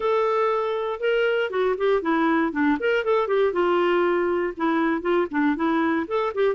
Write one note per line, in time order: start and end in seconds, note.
0.00 0.99 A4
0.99 1.50 A#4
1.50 1.75 F#4
1.77 2.02 G4
2.02 2.52 E4
2.52 2.77 D4
2.79 3.04 A#4
3.04 3.27 A4
3.27 3.52 G4
3.52 4.53 F4
4.57 5.01 E4
5.01 5.27 F4
5.31 5.56 D4
5.56 6.06 E4
6.07 6.33 A4
6.34 6.55 G4